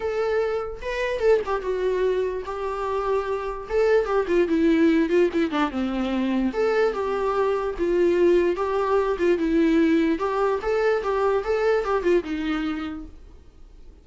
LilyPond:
\new Staff \with { instrumentName = "viola" } { \time 4/4 \tempo 4 = 147 a'2 b'4 a'8 g'8 | fis'2 g'2~ | g'4 a'4 g'8 f'8 e'4~ | e'8 f'8 e'8 d'8 c'2 |
a'4 g'2 f'4~ | f'4 g'4. f'8 e'4~ | e'4 g'4 a'4 g'4 | a'4 g'8 f'8 dis'2 | }